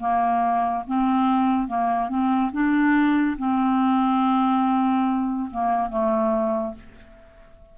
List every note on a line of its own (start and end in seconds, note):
0.00 0.85 A#3
0.87 1.68 C4
1.68 2.09 A#3
2.09 2.52 C4
2.52 3.37 D4
3.38 5.50 C4
5.51 5.90 A#3
5.90 6.75 A3